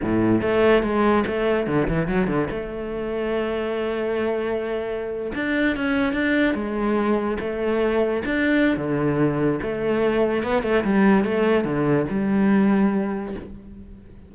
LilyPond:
\new Staff \with { instrumentName = "cello" } { \time 4/4 \tempo 4 = 144 a,4 a4 gis4 a4 | d8 e8 fis8 d8 a2~ | a1~ | a8. d'4 cis'4 d'4 gis16~ |
gis4.~ gis16 a2 d'16~ | d'4 d2 a4~ | a4 b8 a8 g4 a4 | d4 g2. | }